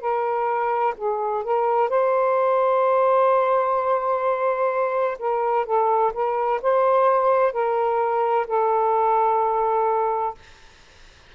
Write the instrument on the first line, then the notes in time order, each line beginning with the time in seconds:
saxophone
0.00 A#4
0.97 G#4
1.44 A#4
1.89 C5
5.19 A#4
5.65 A4
6.13 A#4
6.62 C5
7.53 A#4
8.47 A4